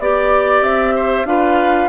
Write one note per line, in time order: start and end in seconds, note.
0.00 0.62 B3
0.00 1.27 G4
0.00 0.63 D5
0.00 0.96 D5
0.62 1.25 C4
0.62 1.26 E5
0.96 1.27 C5
1.25 1.88 D4
1.25 1.89 F4
1.25 1.89 B4
1.25 1.89 F5